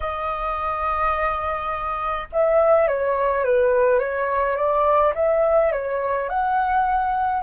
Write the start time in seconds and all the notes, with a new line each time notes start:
0.00 D#5
2.32 E5
2.87 C#5
3.44 B4
3.99 C#5
4.56 D5
5.15 E5
5.72 C#5
6.29 F#5